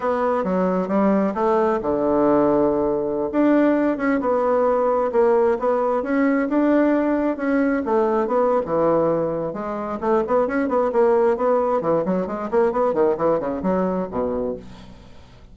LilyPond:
\new Staff \with { instrumentName = "bassoon" } { \time 4/4 \tempo 4 = 132 b4 fis4 g4 a4 | d2.~ d16 d'8.~ | d'8. cis'8 b2 ais8.~ | ais16 b4 cis'4 d'4.~ d'16~ |
d'16 cis'4 a4 b8. e4~ | e4 gis4 a8 b8 cis'8 b8 | ais4 b4 e8 fis8 gis8 ais8 | b8 dis8 e8 cis8 fis4 b,4 | }